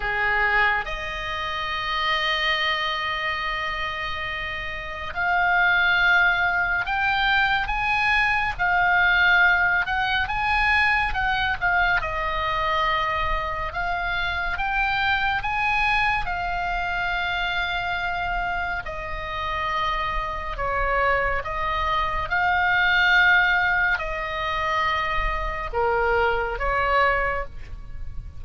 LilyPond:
\new Staff \with { instrumentName = "oboe" } { \time 4/4 \tempo 4 = 70 gis'4 dis''2.~ | dis''2 f''2 | g''4 gis''4 f''4. fis''8 | gis''4 fis''8 f''8 dis''2 |
f''4 g''4 gis''4 f''4~ | f''2 dis''2 | cis''4 dis''4 f''2 | dis''2 ais'4 cis''4 | }